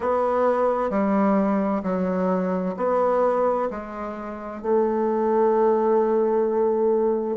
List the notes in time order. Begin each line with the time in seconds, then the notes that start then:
0.00 B3
0.90 G3
1.83 F#3
2.77 B3
3.70 G#3
4.62 A3